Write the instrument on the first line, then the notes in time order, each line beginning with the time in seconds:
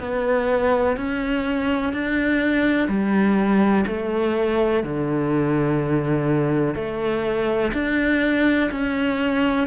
cello
0.00 B3
0.96 C#4
1.93 D4
2.88 G3
3.87 A3
4.83 D3
6.75 A3
7.73 D4
8.71 C#4